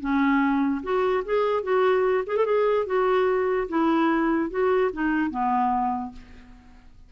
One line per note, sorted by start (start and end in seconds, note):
0.00 0.82 C#4
0.83 1.24 F#4
1.25 1.63 G#4
1.63 2.24 F#4
2.27 2.37 G#4
2.37 2.46 A4
2.46 2.86 G#4
2.86 3.68 F#4
3.69 4.50 E4
4.50 4.91 F#4
4.93 5.31 D#4
5.31 6.12 B3